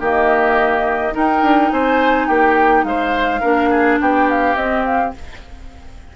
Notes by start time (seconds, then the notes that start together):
0.00 D#3 A#3 G4 D#5
1.12 D#4 A#4 G5
1.42 D4
1.71 C4 C5 G#5
2.28 A#3 G4 G5
2.84 G#3 C5 F5
3.41 A#3 D4 A#4
3.71 G#4
4.01 B3 G4 G5
4.30 F5
4.55 C4 D#5
4.85 F5